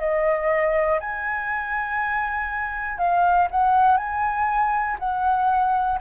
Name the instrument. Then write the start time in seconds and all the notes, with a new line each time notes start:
flute
0.00 D#5
1.00 G#5
2.98 F5
3.51 F#5
3.97 G#5
5.00 F#5